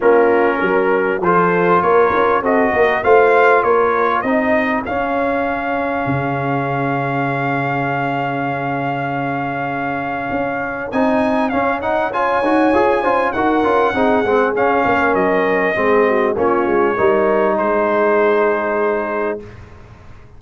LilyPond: <<
  \new Staff \with { instrumentName = "trumpet" } { \time 4/4 \tempo 4 = 99 ais'2 c''4 cis''4 | dis''4 f''4 cis''4 dis''4 | f''1~ | f''1~ |
f''2 gis''4 f''8 fis''8 | gis''2 fis''2 | f''4 dis''2 cis''4~ | cis''4 c''2. | }
  \new Staff \with { instrumentName = "horn" } { \time 4/4 f'4 ais'4 a'4 ais'4 | a'8 ais'8 c''4 ais'4 gis'4~ | gis'1~ | gis'1~ |
gis'1 | cis''4. c''8 ais'4 gis'4~ | gis'8 ais'4. gis'8 fis'8 f'4 | ais'4 gis'2. | }
  \new Staff \with { instrumentName = "trombone" } { \time 4/4 cis'2 f'2 | fis'4 f'2 dis'4 | cis'1~ | cis'1~ |
cis'2 dis'4 cis'8 dis'8 | f'8 fis'8 gis'8 f'8 fis'8 f'8 dis'8 c'8 | cis'2 c'4 cis'4 | dis'1 | }
  \new Staff \with { instrumentName = "tuba" } { \time 4/4 ais4 fis4 f4 ais8 cis'8 | c'8 ais8 a4 ais4 c'4 | cis'2 cis2~ | cis1~ |
cis4 cis'4 c'4 cis'4~ | cis'8 dis'8 f'8 cis'8 dis'8 cis'8 c'8 gis8 | cis'8 ais8 fis4 gis4 ais8 gis8 | g4 gis2. | }
>>